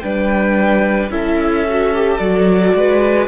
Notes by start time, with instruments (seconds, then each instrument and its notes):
0.00 cello G3, viola D4, violin B4 G5
1.10 cello C#4, viola E4, violin A4 E5
1.69 viola F#4
1.94 viola G4
2.18 cello F#3, viola F#4, violin D5
2.74 cello G#3, violin B4